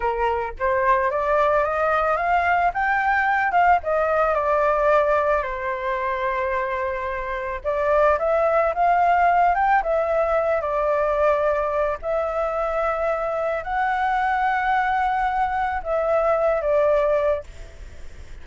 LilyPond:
\new Staff \with { instrumentName = "flute" } { \time 4/4 \tempo 4 = 110 ais'4 c''4 d''4 dis''4 | f''4 g''4. f''8 dis''4 | d''2 c''2~ | c''2 d''4 e''4 |
f''4. g''8 e''4. d''8~ | d''2 e''2~ | e''4 fis''2.~ | fis''4 e''4. d''4. | }